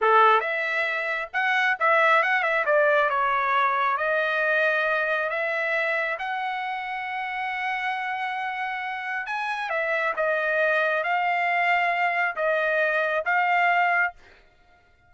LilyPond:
\new Staff \with { instrumentName = "trumpet" } { \time 4/4 \tempo 4 = 136 a'4 e''2 fis''4 | e''4 fis''8 e''8 d''4 cis''4~ | cis''4 dis''2. | e''2 fis''2~ |
fis''1~ | fis''4 gis''4 e''4 dis''4~ | dis''4 f''2. | dis''2 f''2 | }